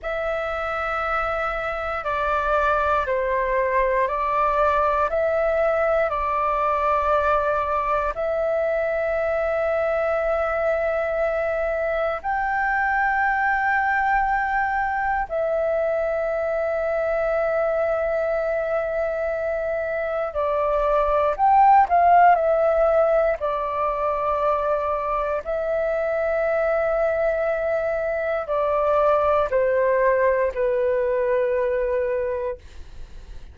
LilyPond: \new Staff \with { instrumentName = "flute" } { \time 4/4 \tempo 4 = 59 e''2 d''4 c''4 | d''4 e''4 d''2 | e''1 | g''2. e''4~ |
e''1 | d''4 g''8 f''8 e''4 d''4~ | d''4 e''2. | d''4 c''4 b'2 | }